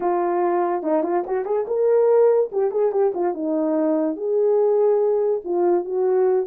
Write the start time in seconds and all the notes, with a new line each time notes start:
0.00 F4
0.82 D#4
1.03 F4
1.26 F#4
1.45 G#4
1.67 A#4
2.52 G4
2.71 G#4
2.92 G4
3.14 F4
3.34 D#4
4.16 G#4
5.44 F4
5.84 F#4